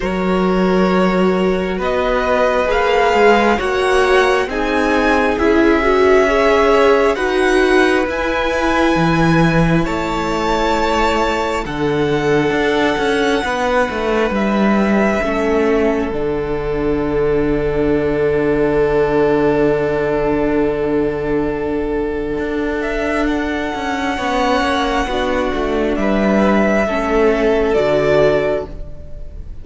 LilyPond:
<<
  \new Staff \with { instrumentName = "violin" } { \time 4/4 \tempo 4 = 67 cis''2 dis''4 f''4 | fis''4 gis''4 e''2 | fis''4 gis''2 a''4~ | a''4 fis''2. |
e''2 fis''2~ | fis''1~ | fis''4. e''8 fis''2~ | fis''4 e''2 d''4 | }
  \new Staff \with { instrumentName = "violin" } { \time 4/4 ais'2 b'2 | cis''4 gis'2 cis''4 | b'2. cis''4~ | cis''4 a'2 b'4~ |
b'4 a'2.~ | a'1~ | a'2. cis''4 | fis'4 b'4 a'2 | }
  \new Staff \with { instrumentName = "viola" } { \time 4/4 fis'2. gis'4 | fis'4 dis'4 e'8 fis'8 gis'4 | fis'4 e'2.~ | e'4 d'2.~ |
d'4 cis'4 d'2~ | d'1~ | d'2. cis'4 | d'2 cis'4 fis'4 | }
  \new Staff \with { instrumentName = "cello" } { \time 4/4 fis2 b4 ais8 gis8 | ais4 c'4 cis'2 | dis'4 e'4 e4 a4~ | a4 d4 d'8 cis'8 b8 a8 |
g4 a4 d2~ | d1~ | d4 d'4. cis'8 b8 ais8 | b8 a8 g4 a4 d4 | }
>>